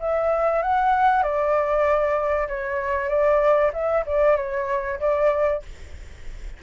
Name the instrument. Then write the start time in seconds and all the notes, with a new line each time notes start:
flute
0.00 E5
0.62 F#5
1.23 D5
2.48 C#5
3.09 D5
3.73 E5
4.06 D5
4.37 C#5
5.00 D5